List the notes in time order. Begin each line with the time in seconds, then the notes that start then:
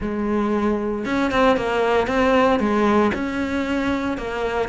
0.00 G#3
1.05 C#4
1.31 C4
1.56 A#3
2.07 C4
2.59 G#3
3.14 C#4
4.17 A#3